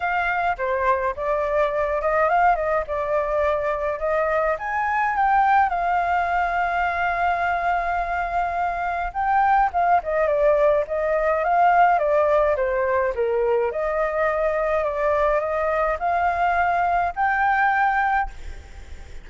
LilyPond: \new Staff \with { instrumentName = "flute" } { \time 4/4 \tempo 4 = 105 f''4 c''4 d''4. dis''8 | f''8 dis''8 d''2 dis''4 | gis''4 g''4 f''2~ | f''1 |
g''4 f''8 dis''8 d''4 dis''4 | f''4 d''4 c''4 ais'4 | dis''2 d''4 dis''4 | f''2 g''2 | }